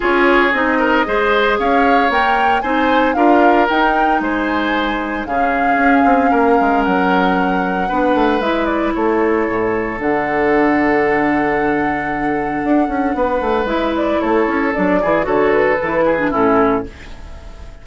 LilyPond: <<
  \new Staff \with { instrumentName = "flute" } { \time 4/4 \tempo 4 = 114 cis''4 dis''2 f''4 | g''4 gis''4 f''4 g''4 | gis''2 f''2~ | f''4 fis''2. |
e''8 d''8 cis''2 fis''4~ | fis''1~ | fis''2 e''8 d''8 cis''4 | d''4 cis''8 b'4. a'4 | }
  \new Staff \with { instrumentName = "oboe" } { \time 4/4 gis'4. ais'8 c''4 cis''4~ | cis''4 c''4 ais'2 | c''2 gis'2 | ais'2. b'4~ |
b'4 a'2.~ | a'1~ | a'4 b'2 a'4~ | a'8 gis'8 a'4. gis'8 e'4 | }
  \new Staff \with { instrumentName = "clarinet" } { \time 4/4 f'4 dis'4 gis'2 | ais'4 dis'4 f'4 dis'4~ | dis'2 cis'2~ | cis'2. d'4 |
e'2. d'4~ | d'1~ | d'2 e'2 | d'8 e'8 fis'4 e'8. d'16 cis'4 | }
  \new Staff \with { instrumentName = "bassoon" } { \time 4/4 cis'4 c'4 gis4 cis'4 | ais4 c'4 d'4 dis'4 | gis2 cis4 cis'8 c'8 | ais8 gis8 fis2 b8 a8 |
gis4 a4 a,4 d4~ | d1 | d'8 cis'8 b8 a8 gis4 a8 cis'8 | fis8 e8 d4 e4 a,4 | }
>>